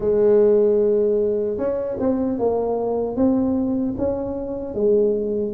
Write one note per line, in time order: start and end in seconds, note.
0.00 1.57 G#3
1.57 1.97 C#4
1.99 2.39 C4
2.39 3.16 A#3
3.16 3.95 C4
3.97 4.74 C#4
4.74 5.53 G#3